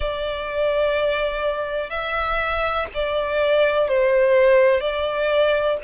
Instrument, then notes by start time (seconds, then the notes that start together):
violin
0.00 D5
1.90 E5
2.93 D5
3.88 C5
4.80 D5